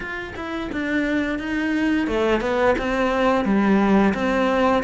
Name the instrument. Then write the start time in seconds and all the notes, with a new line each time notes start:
cello
0.00 F4
0.36 E4
0.72 D4
1.38 D#4
2.07 A3
2.40 B3
2.78 C4
3.45 G3
4.14 C4